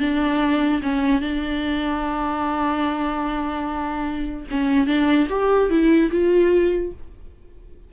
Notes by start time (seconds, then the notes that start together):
0.00 D4
0.82 C#4
1.21 D4
4.51 C#4
4.87 D4
5.29 G4
5.70 E4
6.11 F4